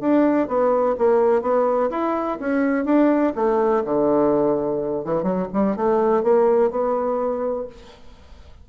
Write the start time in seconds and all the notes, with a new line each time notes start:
0.00 D4
0.48 B3
0.98 A#3
1.42 B3
1.90 E4
2.40 C#4
2.85 D4
3.35 A3
3.84 D3
5.05 E3
5.23 F#3
5.53 G3
5.76 A3
6.23 A#3
6.71 B3